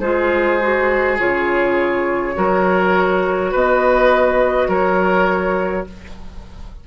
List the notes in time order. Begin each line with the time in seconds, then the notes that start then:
0.00 G#3 F4 G#4 C5
0.61 F#4
1.19 C#3 F4 C#5
2.34 F#3 F#4 A#4
3.51 B3 B4 D#5
4.68 F#3 A#4 C#5